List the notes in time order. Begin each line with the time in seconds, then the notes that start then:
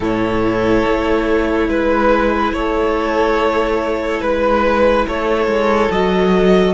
0.00 A2 E4 A4 C#5
0.85 A3
1.68 G#3 B4
2.52 A3 A4 C#5
4.20 G#3 B4
5.07 A3 A4 C#5
5.46 G#3
5.90 F#3 F#4 D#5